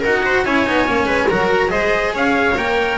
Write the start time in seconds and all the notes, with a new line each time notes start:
0.00 D#4 F#4 A#4 F#5
0.25 C5
0.45 C#4 E4 C#5 G#5
0.66 B3 D#4
0.87 A#3 C#4
1.05 G#3 B4
1.29 F#3 F#4 A#4 A#5
1.68 G#3 G#4 C5 D#5
2.13 C#4 C#5 F5
2.57 A#3 A#4 G5